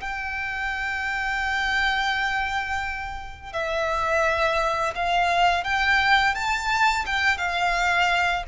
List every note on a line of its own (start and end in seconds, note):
0.00 3.52 G5
3.52 4.93 E5
4.95 5.64 F5
5.64 6.34 G5
6.34 7.05 A5
7.06 7.37 G5
7.37 8.43 F5